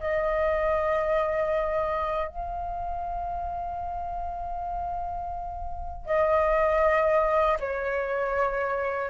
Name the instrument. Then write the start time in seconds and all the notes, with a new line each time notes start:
flute
0.00 D#5
2.28 F5
6.06 D#5
7.59 C#5